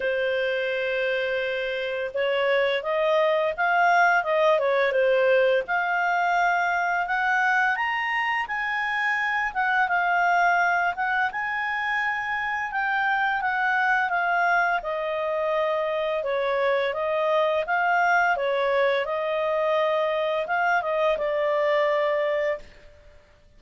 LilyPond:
\new Staff \with { instrumentName = "clarinet" } { \time 4/4 \tempo 4 = 85 c''2. cis''4 | dis''4 f''4 dis''8 cis''8 c''4 | f''2 fis''4 ais''4 | gis''4. fis''8 f''4. fis''8 |
gis''2 g''4 fis''4 | f''4 dis''2 cis''4 | dis''4 f''4 cis''4 dis''4~ | dis''4 f''8 dis''8 d''2 | }